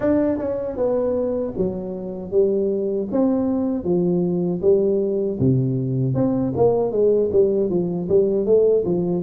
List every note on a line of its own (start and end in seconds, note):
0.00 0.38 D4
0.38 0.76 C#4
0.77 1.53 B3
1.57 2.31 F#3
2.31 3.08 G3
3.11 3.84 C4
3.84 4.60 F3
4.62 5.38 G3
5.39 6.14 C3
6.14 6.52 C4
6.56 6.91 A#3
6.91 7.30 G#3
7.32 7.69 G3
7.69 8.08 F3
8.08 8.45 G3
8.45 8.84 A3
8.85 9.22 F3